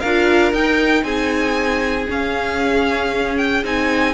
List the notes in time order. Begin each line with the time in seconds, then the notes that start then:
0.00 D4 F4 A#4 F5
0.53 D#4 G5
1.04 C4 G#4 G#5
2.08 C#4 F5
3.38 G5
3.64 C4 D#4 G#5